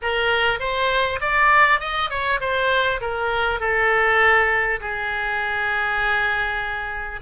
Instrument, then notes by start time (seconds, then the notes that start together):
oboe
0.02 A#4
0.59 C5
1.21 D5
1.79 D#5
2.10 C#5
2.40 C5
3.01 A#4
3.60 A4
4.80 G#4